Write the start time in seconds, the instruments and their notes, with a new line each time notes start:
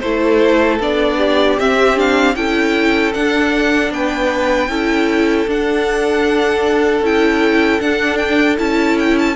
0.00 cello A3, viola E4, violin A4 C5
0.80 cello B3, viola D4, violin D5
1.17 violin G4
1.58 viola C4, cello C4, violin E5
1.96 viola D4, violin F5
2.35 cello C#4, viola E4, violin A4 G5
3.13 viola D4, cello D4, violin F#5
3.91 cello B3, violin B4 G5
4.69 cello C#4, viola E4, violin A4
5.47 cello D4, viola D4, violin F#5
7.01 cello C#4, viola E4, violin G5
7.80 viola D4, cello D4, violin F#5
8.17 violin G5
8.57 cello C#4, viola E4, violin A5
8.99 violin G5
9.19 violin A5